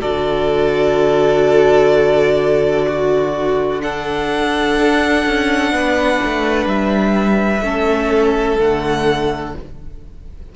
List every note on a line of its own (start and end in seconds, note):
0.00 4.77 D3
0.00 3.79 F#4
0.00 2.86 A4
0.00 3.81 D5
2.87 3.82 F#4
3.79 7.60 D4
3.79 5.73 A4
3.79 6.67 F#5
4.77 5.24 D4
5.25 5.71 C#4
5.71 6.19 B3
5.71 7.64 B4
6.24 6.65 A3
6.65 7.60 G3
6.65 8.58 E5
7.61 8.56 A3
7.61 8.58 C#4
7.61 9.54 A4
8.58 9.54 D3
8.58 9.53 A3
8.58 9.55 F#5